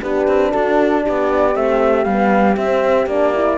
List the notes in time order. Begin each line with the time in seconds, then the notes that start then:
0.00 B3 D4 G4 B4
0.27 C4
0.51 D4 F#4 A4
1.02 B3 G4 D5
1.54 A3 C4 E5
2.04 G3 B3 F5
2.56 C4 E5
3.06 A#3 D4 D5
3.34 E4